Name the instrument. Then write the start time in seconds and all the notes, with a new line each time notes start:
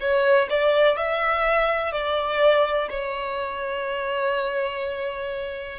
violin
0.00 C#5
0.50 D5
0.97 E5
1.92 D5
2.89 C#5